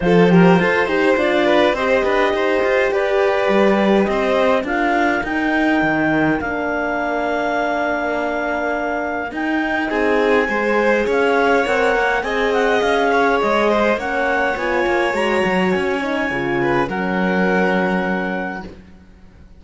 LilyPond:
<<
  \new Staff \with { instrumentName = "clarinet" } { \time 4/4 \tempo 4 = 103 c''2 d''4 dis''4~ | dis''4 d''2 dis''4 | f''4 g''2 f''4~ | f''1 |
g''4 gis''2 f''4 | fis''4 gis''8 fis''8 f''4 dis''4 | fis''4 gis''4 ais''4 gis''4~ | gis''4 fis''2. | }
  \new Staff \with { instrumentName = "violin" } { \time 4/4 a'8 ais'8 c''4. b'8 c''8 b'8 | c''4 b'2 c''4 | ais'1~ | ais'1~ |
ais'4 gis'4 c''4 cis''4~ | cis''4 dis''4. cis''4 c''8 | cis''1~ | cis''8 b'8 ais'2. | }
  \new Staff \with { instrumentName = "horn" } { \time 4/4 f'8 g'8 a'8 g'8 f'4 g'4~ | g'1 | f'4 dis'2 d'4~ | d'1 |
dis'2 gis'2 | ais'4 gis'2. | cis'4 f'4 fis'4. dis'8 | f'4 cis'2. | }
  \new Staff \with { instrumentName = "cello" } { \time 4/4 f4 f'8 dis'8 d'4 c'8 d'8 | dis'8 f'8 g'4 g4 c'4 | d'4 dis'4 dis4 ais4~ | ais1 |
dis'4 c'4 gis4 cis'4 | c'8 ais8 c'4 cis'4 gis4 | ais4 b8 ais8 gis8 fis8 cis'4 | cis4 fis2. | }
>>